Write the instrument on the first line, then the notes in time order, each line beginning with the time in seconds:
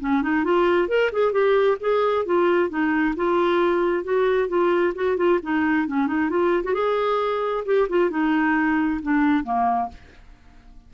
clarinet
0.00 C#4
0.22 D#4
0.44 F4
0.88 A#4
1.12 G#4
1.32 G4
1.80 G#4
2.25 F4
2.69 D#4
3.16 F4
4.04 F#4
4.48 F4
4.95 F#4
5.17 F4
5.43 D#4
5.87 C#4
6.07 D#4
6.30 F4
6.64 F#4
6.74 G#4
7.65 G4
7.89 F4
8.10 D#4
9.02 D4
9.44 A#3